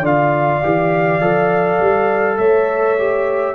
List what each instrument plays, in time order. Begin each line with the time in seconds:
0.00 tuba D3, trombone F4, horn D5, trumpet F5
0.63 tuba E3, trombone G4
1.21 tuba F3, trombone A4
1.80 tuba G3
2.38 tuba A3, horn C#5, trumpet E5
2.99 trombone G4